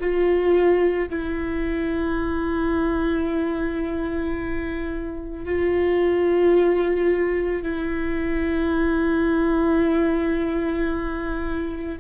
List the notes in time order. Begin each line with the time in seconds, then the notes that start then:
0.00 F4
1.10 E4
5.45 F4
7.63 E4